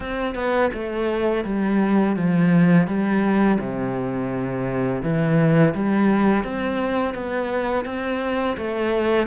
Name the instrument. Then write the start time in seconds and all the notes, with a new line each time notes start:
cello
0.00 C4
0.34 B3
0.73 A3
1.44 G3
2.16 F3
2.87 G3
3.59 C3
5.02 E3
5.74 G3
6.44 C4
7.14 B3
7.85 C4
8.57 A3